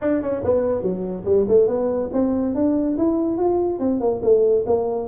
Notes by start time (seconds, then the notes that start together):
0.01 D4
0.22 C#4
0.44 B3
0.82 F#3
1.25 G3
1.48 A3
1.67 B3
2.12 C4
2.54 D4
2.97 E4
3.37 F4
3.79 C4
4.00 A#3
4.22 A3
4.66 A#3